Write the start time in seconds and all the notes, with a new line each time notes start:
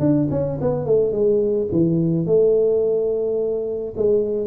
0.00 D4
0.31 C#4
0.61 B3
0.86 A3
1.13 G#3
1.72 E3
2.26 A3
3.97 G#3